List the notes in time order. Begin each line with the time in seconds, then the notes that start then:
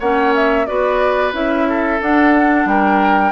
0.00 A#3 C#4 C#5 F#5
0.36 E5
0.66 B3 F#4 B4 D5
1.33 C#4 E4 E5
1.69 A4
2.01 D4 F#5
2.65 G3 A#4 G5